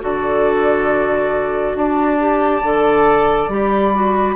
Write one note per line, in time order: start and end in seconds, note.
0.00 1.75 D3
0.00 2.17 F#4
0.00 1.77 A4
0.00 1.76 D5
1.75 2.62 D4
1.75 4.35 D5
1.75 3.50 A5
2.19 2.62 G4
2.62 3.48 D3
2.62 3.49 A4
3.48 4.35 G3
3.48 3.93 G4
3.48 4.35 B5
3.93 4.35 F#4